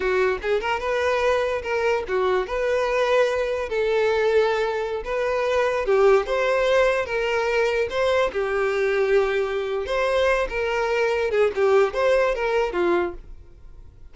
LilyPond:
\new Staff \with { instrumentName = "violin" } { \time 4/4 \tempo 4 = 146 fis'4 gis'8 ais'8 b'2 | ais'4 fis'4 b'2~ | b'4 a'2.~ | a'16 b'2 g'4 c''8.~ |
c''4~ c''16 ais'2 c''8.~ | c''16 g'2.~ g'8. | c''4. ais'2 gis'8 | g'4 c''4 ais'4 f'4 | }